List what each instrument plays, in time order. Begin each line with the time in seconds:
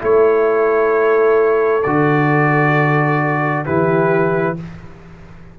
0.00 tuba A3, trombone E4, horn A4, trumpet C#5
1.83 tuba D3, trombone F#4, trumpet D5
3.65 tuba E3, trombone E4, horn G4, trumpet B4